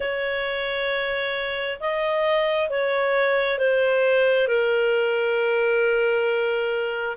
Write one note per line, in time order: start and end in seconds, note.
0.00 1.79 C#5
1.80 2.69 D#5
2.69 3.58 C#5
3.58 4.47 C5
4.47 7.16 A#4